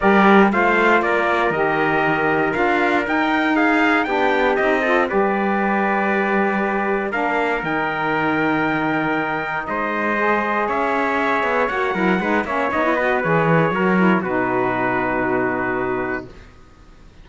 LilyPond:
<<
  \new Staff \with { instrumentName = "trumpet" } { \time 4/4 \tempo 4 = 118 d''4 f''4 d''4 dis''4~ | dis''4 f''4 g''4 f''4 | g''4 dis''4 d''2~ | d''2 f''4 g''4~ |
g''2. dis''4~ | dis''4 e''2 fis''4~ | fis''8 e''8 dis''4 cis''2 | b'1 | }
  \new Staff \with { instrumentName = "trumpet" } { \time 4/4 ais'4 c''4 ais'2~ | ais'2. gis'4 | g'4. a'8 b'2~ | b'2 ais'2~ |
ais'2. c''4~ | c''4 cis''2~ cis''8 ais'8 | b'8 cis''4 b'4. ais'4 | fis'1 | }
  \new Staff \with { instrumentName = "saxophone" } { \time 4/4 g'4 f'2 g'4~ | g'4 f'4 dis'2 | d'4 dis'8 f'8 g'2~ | g'2 d'4 dis'4~ |
dis'1 | gis'2. fis'8 e'8 | dis'8 cis'8 dis'16 e'16 fis'8 gis'4 fis'8 e'8 | dis'1 | }
  \new Staff \with { instrumentName = "cello" } { \time 4/4 g4 a4 ais4 dis4~ | dis4 d'4 dis'2 | b4 c'4 g2~ | g2 ais4 dis4~ |
dis2. gis4~ | gis4 cis'4. b8 ais8 fis8 | gis8 ais8 b4 e4 fis4 | b,1 | }
>>